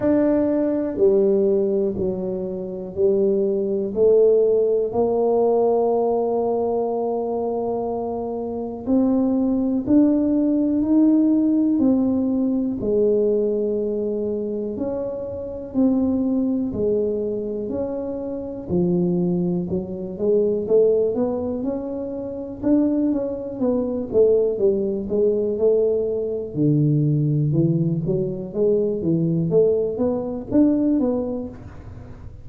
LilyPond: \new Staff \with { instrumentName = "tuba" } { \time 4/4 \tempo 4 = 61 d'4 g4 fis4 g4 | a4 ais2.~ | ais4 c'4 d'4 dis'4 | c'4 gis2 cis'4 |
c'4 gis4 cis'4 f4 | fis8 gis8 a8 b8 cis'4 d'8 cis'8 | b8 a8 g8 gis8 a4 d4 | e8 fis8 gis8 e8 a8 b8 d'8 b8 | }